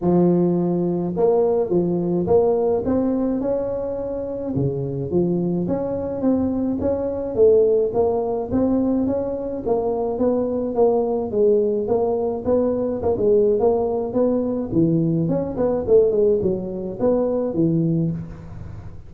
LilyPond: \new Staff \with { instrumentName = "tuba" } { \time 4/4 \tempo 4 = 106 f2 ais4 f4 | ais4 c'4 cis'2 | cis4 f4 cis'4 c'4 | cis'4 a4 ais4 c'4 |
cis'4 ais4 b4 ais4 | gis4 ais4 b4 ais16 gis8. | ais4 b4 e4 cis'8 b8 | a8 gis8 fis4 b4 e4 | }